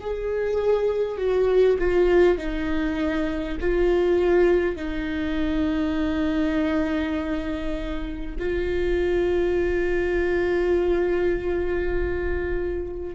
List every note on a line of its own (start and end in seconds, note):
0.00 1.18 G#4
1.18 1.78 F#4
1.78 2.38 F4
2.38 3.58 D#4
3.61 4.76 F4
4.76 8.36 D#4
8.38 13.15 F4